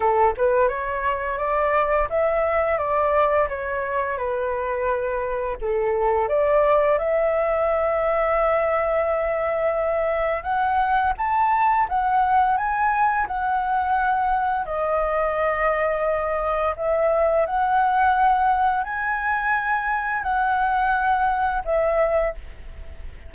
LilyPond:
\new Staff \with { instrumentName = "flute" } { \time 4/4 \tempo 4 = 86 a'8 b'8 cis''4 d''4 e''4 | d''4 cis''4 b'2 | a'4 d''4 e''2~ | e''2. fis''4 |
a''4 fis''4 gis''4 fis''4~ | fis''4 dis''2. | e''4 fis''2 gis''4~ | gis''4 fis''2 e''4 | }